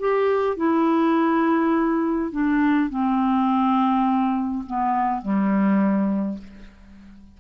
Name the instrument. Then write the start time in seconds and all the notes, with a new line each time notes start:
clarinet
0.00 G4
0.57 E4
2.32 D4
2.90 C4
4.67 B3
5.22 G3